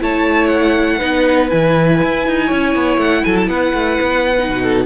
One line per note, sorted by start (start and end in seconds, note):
0.00 1.01 A3
0.00 1.00 E4
0.00 0.98 C#5
0.00 0.47 A5
0.47 1.48 F#5
0.98 1.52 B3
0.98 1.49 D#4
0.98 2.47 B4
1.49 2.03 E3
1.49 4.37 E4
1.49 3.00 G#5
2.03 2.28 E4
2.28 2.52 D#4
2.47 2.75 C#4
2.47 3.22 C#5
2.75 2.98 B3
2.98 3.23 A3
2.98 3.25 F#5
3.25 3.48 F#3
3.25 3.50 A4
3.25 3.37 G#5
3.38 3.49 A5
3.48 3.73 B3
3.48 4.62 B4
3.48 4.86 F#5
3.74 3.99 A3
4.01 4.50 B3
4.38 4.86 D#4
4.50 4.86 B2
4.62 4.86 A4